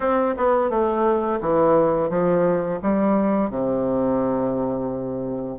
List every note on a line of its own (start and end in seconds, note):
0.00 0.35 C4
0.37 0.70 B3
0.70 1.40 A3
1.40 2.09 E3
2.09 2.79 F3
2.82 3.49 G3
3.49 5.58 C3